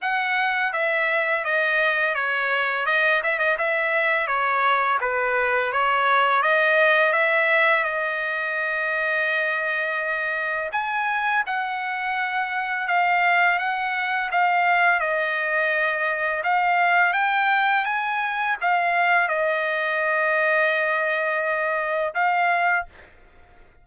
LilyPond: \new Staff \with { instrumentName = "trumpet" } { \time 4/4 \tempo 4 = 84 fis''4 e''4 dis''4 cis''4 | dis''8 e''16 dis''16 e''4 cis''4 b'4 | cis''4 dis''4 e''4 dis''4~ | dis''2. gis''4 |
fis''2 f''4 fis''4 | f''4 dis''2 f''4 | g''4 gis''4 f''4 dis''4~ | dis''2. f''4 | }